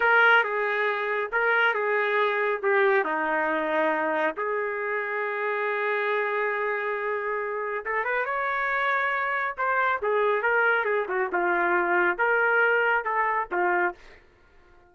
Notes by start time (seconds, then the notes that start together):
0.00 A#4
0.43 G#4
1.32 A#4
1.74 G#4
2.62 G4
3.04 D#4
4.37 G#4
7.85 A4
8.04 B4
8.25 C#5
9.57 C5
10.02 G#4
10.42 A#4
10.84 G#4
11.08 F#4
11.32 F4
12.18 A#4
13.04 A4
13.51 F4